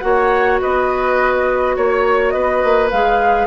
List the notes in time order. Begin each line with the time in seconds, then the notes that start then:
0.00 A#3 F#4 C#5 F#5
0.61 B3 B4 D#5
1.76 A#3 C#5
2.31 B3 B4 D#5
2.64 A#3
2.91 G#3 G#4 F5